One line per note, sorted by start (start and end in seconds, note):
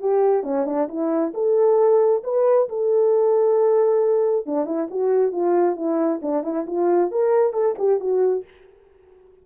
0.00 0.43 G4
0.43 0.65 C#4
0.66 0.88 D4
0.88 1.33 E4
1.34 2.23 A4
2.24 2.68 B4
2.69 4.46 A4
4.46 4.66 D4
4.66 4.88 E4
4.91 5.32 F#4
5.32 5.76 F4
5.76 6.20 E4
6.22 6.43 D4
6.43 6.66 E4
6.67 7.11 F4
7.11 7.53 A#4
7.53 7.75 A4
7.78 8.00 G4
8.00 8.44 F#4